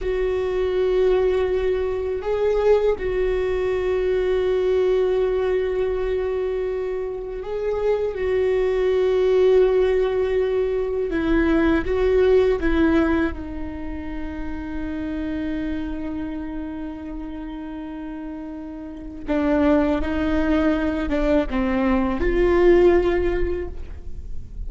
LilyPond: \new Staff \with { instrumentName = "viola" } { \time 4/4 \tempo 4 = 81 fis'2. gis'4 | fis'1~ | fis'2 gis'4 fis'4~ | fis'2. e'4 |
fis'4 e'4 dis'2~ | dis'1~ | dis'2 d'4 dis'4~ | dis'8 d'8 c'4 f'2 | }